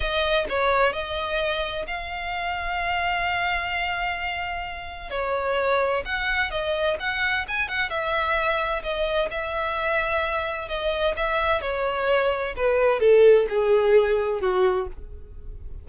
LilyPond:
\new Staff \with { instrumentName = "violin" } { \time 4/4 \tempo 4 = 129 dis''4 cis''4 dis''2 | f''1~ | f''2. cis''4~ | cis''4 fis''4 dis''4 fis''4 |
gis''8 fis''8 e''2 dis''4 | e''2. dis''4 | e''4 cis''2 b'4 | a'4 gis'2 fis'4 | }